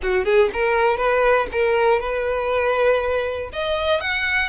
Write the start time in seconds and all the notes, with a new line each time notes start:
0.02 F#4
0.25 G#4
0.53 A#4
0.97 B4
1.51 A#4
2.00 B4
3.52 D#5
4.00 F#5